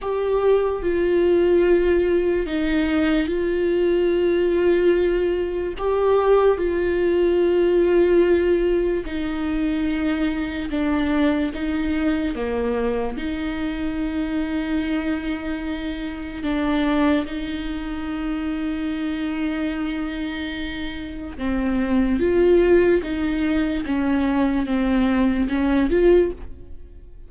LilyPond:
\new Staff \with { instrumentName = "viola" } { \time 4/4 \tempo 4 = 73 g'4 f'2 dis'4 | f'2. g'4 | f'2. dis'4~ | dis'4 d'4 dis'4 ais4 |
dis'1 | d'4 dis'2.~ | dis'2 c'4 f'4 | dis'4 cis'4 c'4 cis'8 f'8 | }